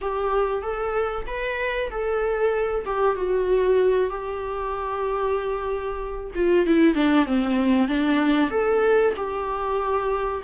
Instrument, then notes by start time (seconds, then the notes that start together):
viola
0.01 G4
0.62 A4
1.27 B4
1.90 A4
2.85 G4
3.16 F#4
4.10 G4
6.35 F4
6.66 E4
6.94 D4
7.26 C4
7.87 D4
8.50 A4
9.16 G4